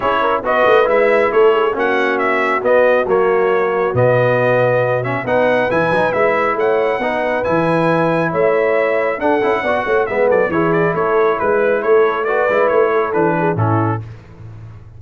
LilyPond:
<<
  \new Staff \with { instrumentName = "trumpet" } { \time 4/4 \tempo 4 = 137 cis''4 dis''4 e''4 cis''4 | fis''4 e''4 dis''4 cis''4~ | cis''4 dis''2~ dis''8 e''8 | fis''4 gis''4 e''4 fis''4~ |
fis''4 gis''2 e''4~ | e''4 fis''2 e''8 d''8 | cis''8 d''8 cis''4 b'4 cis''4 | d''4 cis''4 b'4 a'4 | }
  \new Staff \with { instrumentName = "horn" } { \time 4/4 gis'8 ais'8 b'2 a'8 gis'8 | fis'1~ | fis'1 | b'2. cis''4 |
b'2. cis''4~ | cis''4 a'4 d''8 cis''8 b'8 a'8 | gis'4 a'4 b'4 a'4 | b'4. a'4 gis'8 e'4 | }
  \new Staff \with { instrumentName = "trombone" } { \time 4/4 e'4 fis'4 e'2 | cis'2 b4 ais4~ | ais4 b2~ b8 cis'8 | dis'4 e'8 dis'8 e'2 |
dis'4 e'2.~ | e'4 d'8 e'8 fis'4 b4 | e'1 | fis'8 e'4. d'4 cis'4 | }
  \new Staff \with { instrumentName = "tuba" } { \time 4/4 cis'4 b8 a8 gis4 a4 | ais2 b4 fis4~ | fis4 b,2. | b4 e8 fis8 gis4 a4 |
b4 e2 a4~ | a4 d'8 cis'8 b8 a8 gis8 fis8 | e4 a4 gis4 a4~ | a8 gis8 a4 e4 a,4 | }
>>